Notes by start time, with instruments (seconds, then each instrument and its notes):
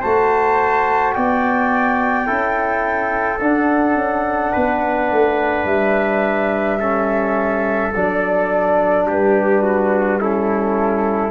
0.00 tuba A3, trombone F#4, trumpet C5, flute A5
1.12 tuba B3, trumpet D5, flute G5
2.26 tuba C#4, trombone E4, trumpet A4
3.40 tuba D4, trombone D4, flute F#5
3.95 tuba C#4
4.51 tuba B3, trumpet B4
5.11 tuba A3
5.65 tuba G3, flute E5
6.79 trombone C#4, trumpet A4
7.95 tuba F#3, trombone D4, flute D5
9.06 tuba G3, trumpet G4, flute B4
9.62 trumpet F#4
10.19 trombone C#4, trumpet E4, flute A4